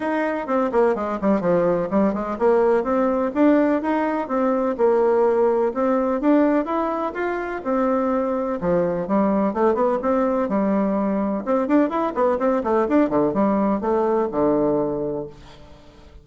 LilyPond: \new Staff \with { instrumentName = "bassoon" } { \time 4/4 \tempo 4 = 126 dis'4 c'8 ais8 gis8 g8 f4 | g8 gis8 ais4 c'4 d'4 | dis'4 c'4 ais2 | c'4 d'4 e'4 f'4 |
c'2 f4 g4 | a8 b8 c'4 g2 | c'8 d'8 e'8 b8 c'8 a8 d'8 d8 | g4 a4 d2 | }